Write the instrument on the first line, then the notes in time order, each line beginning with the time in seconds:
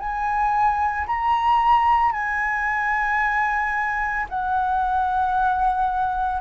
flute
0.00 G#5
1.07 A#5
2.12 G#5
4.30 F#5